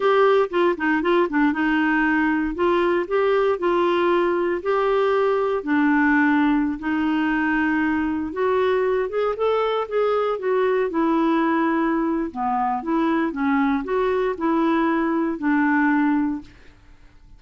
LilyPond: \new Staff \with { instrumentName = "clarinet" } { \time 4/4 \tempo 4 = 117 g'4 f'8 dis'8 f'8 d'8 dis'4~ | dis'4 f'4 g'4 f'4~ | f'4 g'2 d'4~ | d'4~ d'16 dis'2~ dis'8.~ |
dis'16 fis'4. gis'8 a'4 gis'8.~ | gis'16 fis'4 e'2~ e'8. | b4 e'4 cis'4 fis'4 | e'2 d'2 | }